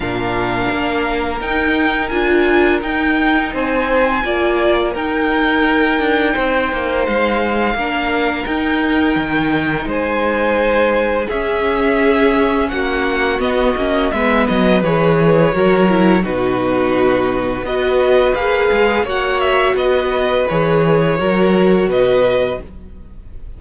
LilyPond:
<<
  \new Staff \with { instrumentName = "violin" } { \time 4/4 \tempo 4 = 85 f''2 g''4 gis''4 | g''4 gis''2 g''4~ | g''2 f''2 | g''2 gis''2 |
e''2 fis''4 dis''4 | e''8 dis''8 cis''2 b'4~ | b'4 dis''4 f''4 fis''8 e''8 | dis''4 cis''2 dis''4 | }
  \new Staff \with { instrumentName = "violin" } { \time 4/4 ais'1~ | ais'4 c''4 d''4 ais'4~ | ais'4 c''2 ais'4~ | ais'2 c''2 |
gis'2 fis'2 | b'2 ais'4 fis'4~ | fis'4 b'2 cis''4 | b'2 ais'4 b'4 | }
  \new Staff \with { instrumentName = "viola" } { \time 4/4 d'2 dis'4 f'4 | dis'2 f'4 dis'4~ | dis'2. d'4 | dis'1 |
cis'2. b8 cis'8 | b4 gis'4 fis'8 e'8 dis'4~ | dis'4 fis'4 gis'4 fis'4~ | fis'4 gis'4 fis'2 | }
  \new Staff \with { instrumentName = "cello" } { \time 4/4 ais,4 ais4 dis'4 d'4 | dis'4 c'4 ais4 dis'4~ | dis'8 d'8 c'8 ais8 gis4 ais4 | dis'4 dis4 gis2 |
cis'2 ais4 b8 ais8 | gis8 fis8 e4 fis4 b,4~ | b,4 b4 ais8 gis8 ais4 | b4 e4 fis4 b,4 | }
>>